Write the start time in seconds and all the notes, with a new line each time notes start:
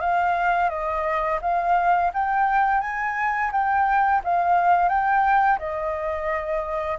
0.00 F5
0.69 D#5
1.41 F5
2.13 G5
2.81 G#5
3.52 G5
4.24 F5
4.89 G5
5.59 D#5